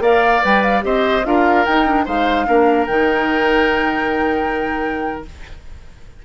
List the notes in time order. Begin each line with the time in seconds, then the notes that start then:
0.00 A#3 A#4 D5 F5
0.43 G3 B4 G5
0.63 F5
0.82 C4 G4 C5 D#5
1.24 D4 F4 A#4 F5
1.65 D#4 G5
1.86 D4
2.05 G#3 D#4 C5 F5
2.46 A#3 D4 A#4
2.87 D#3 D#4 G5